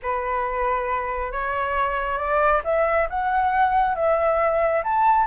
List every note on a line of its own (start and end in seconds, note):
0.02 1.32 B4
1.32 2.17 C#5
2.17 2.61 D5
2.64 3.08 E5
3.09 3.95 F#5
3.95 4.82 E5
4.83 5.27 A5